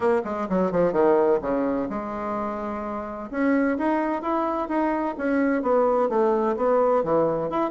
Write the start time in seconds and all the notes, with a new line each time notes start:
0.00 A#3
0.24 G#3
0.49 F#3
0.71 F3
0.92 D#3
1.41 C#3
1.89 G#3
3.30 C#4
3.78 D#4
4.22 E4
4.68 D#4
5.17 C#4
5.62 B3
6.09 A3
6.56 B3
7.03 E3
7.50 E4